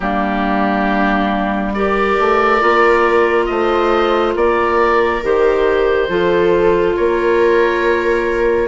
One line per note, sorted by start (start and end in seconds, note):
0.00 2.16 G3
0.00 1.75 A#3
0.00 1.75 D4
0.00 1.72 G4
1.74 2.59 G4
1.74 3.49 A#4
1.74 3.45 D5
2.19 2.61 A3
2.59 3.48 A#3
2.59 5.20 F4
3.45 4.35 A3
3.45 4.36 C5
3.45 4.32 D#5
4.35 5.22 A#3
4.35 6.09 A#4
4.35 5.23 D5
5.22 6.09 D#3
5.22 6.08 G4
5.22 6.95 C5
6.08 6.95 F3
6.08 8.67 F4
6.08 6.96 A4
6.95 8.67 A#3
6.95 8.67 A#4
6.95 8.67 C#5